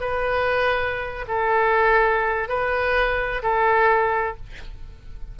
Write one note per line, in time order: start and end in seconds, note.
0.00 1.25 B4
1.28 2.48 A4
2.48 3.42 B4
3.43 4.36 A4